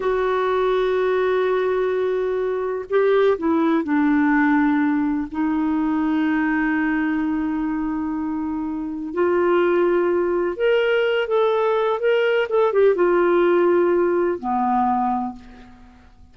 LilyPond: \new Staff \with { instrumentName = "clarinet" } { \time 4/4 \tempo 4 = 125 fis'1~ | fis'2 g'4 e'4 | d'2. dis'4~ | dis'1~ |
dis'2. f'4~ | f'2 ais'4. a'8~ | a'4 ais'4 a'8 g'8 f'4~ | f'2 b2 | }